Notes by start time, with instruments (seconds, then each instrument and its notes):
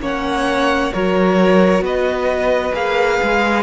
0.00 cello A#3, viola C#4, violin C#5 F#5
0.93 cello F#3, viola F#4, violin A#4 C#5
1.81 cello B3, violin B4 D#5
2.74 cello A#3, viola G#4, violin F5
3.23 cello G#3